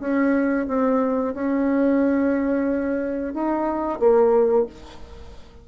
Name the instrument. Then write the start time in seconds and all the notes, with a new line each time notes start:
bassoon
0.00 C#4
0.68 C4
1.34 C#4
3.34 D#4
4.00 A#3